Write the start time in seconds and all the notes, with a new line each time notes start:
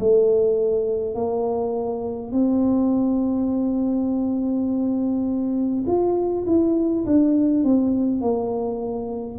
0.00 A3
1.15 A#3
2.32 C4
5.87 F4
6.47 E4
7.06 D4
7.64 C4
8.21 A#3